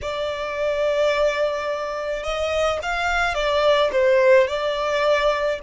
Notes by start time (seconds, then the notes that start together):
0.01 D5
2.23 D#5
2.82 F5
3.34 D5
3.92 C5
4.47 D5